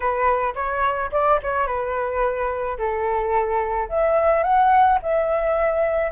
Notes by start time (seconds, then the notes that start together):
0.00 B4
0.54 C#5
1.11 D5
1.42 C#5
1.66 B4
2.78 A4
3.89 E5
4.43 F#5
5.02 E5